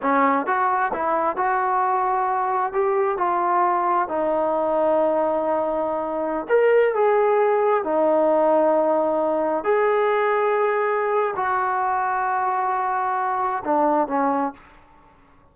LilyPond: \new Staff \with { instrumentName = "trombone" } { \time 4/4 \tempo 4 = 132 cis'4 fis'4 e'4 fis'4~ | fis'2 g'4 f'4~ | f'4 dis'2.~ | dis'2~ dis'16 ais'4 gis'8.~ |
gis'4~ gis'16 dis'2~ dis'8.~ | dis'4~ dis'16 gis'2~ gis'8.~ | gis'4 fis'2.~ | fis'2 d'4 cis'4 | }